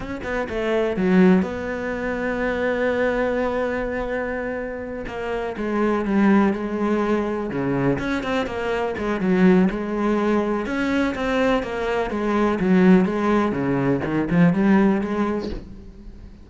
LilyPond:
\new Staff \with { instrumentName = "cello" } { \time 4/4 \tempo 4 = 124 cis'8 b8 a4 fis4 b4~ | b1~ | b2~ b8 ais4 gis8~ | gis8 g4 gis2 cis8~ |
cis8 cis'8 c'8 ais4 gis8 fis4 | gis2 cis'4 c'4 | ais4 gis4 fis4 gis4 | cis4 dis8 f8 g4 gis4 | }